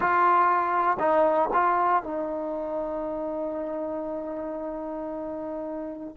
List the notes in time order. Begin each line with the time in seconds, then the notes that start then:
0.00 F4
0.99 D#4
1.53 F4
2.03 D#4